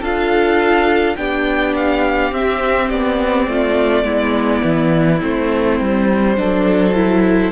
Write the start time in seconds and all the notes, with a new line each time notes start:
0.00 D4 F4 A4 F5
1.16 B3 D4 G4 G5
1.76 F5
2.31 C4 E5
2.89 B3 D5
3.47 A3 F4
4.03 G#3 B3 E4
4.63 E3
5.20 A3 C4 C5
5.80 G3
6.36 F#3 D4 A4
6.94 E4